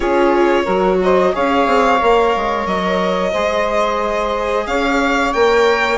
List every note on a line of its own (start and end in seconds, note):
0.00 0.66 C#4
0.00 0.66 F4
0.00 0.63 G#4
0.00 1.00 C#5
0.64 1.33 F#3
0.64 1.32 F#4
0.64 0.97 A#4
1.02 1.33 C5
1.02 1.35 D#5
1.32 1.67 C#4
1.32 1.99 G#4
1.32 3.32 C#5
1.32 2.66 F5
1.67 2.00 C4
1.99 2.35 A#3
1.99 3.32 A#4
2.36 2.65 G#3
2.65 3.32 F#3
2.65 4.66 D#5
3.32 4.66 G#3
3.32 5.34 G#4
3.32 4.65 C5
4.66 5.33 C#4
4.66 5.98 C#5
4.66 5.33 F5
5.33 5.98 A#3
5.33 5.98 A#4
5.33 5.98 G5